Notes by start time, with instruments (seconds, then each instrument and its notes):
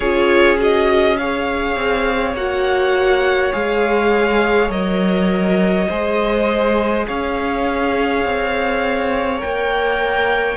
0.00 cello C#4, viola F4, violin G#4 C#5
0.58 viola F#4, violin D#5
1.17 viola G#4, violin C#5 F5
1.75 cello C4
2.34 cello A#3, viola F#4, violin F#5
3.52 cello G#3, viola G#4, violin F5
4.69 cello F#3, viola A#4, violin D#5
5.88 cello G#3, viola G#4, violin C5
7.07 cello C#4, violin C#5 F5
8.24 cello C4
9.37 cello A#3, viola A#4, violin G5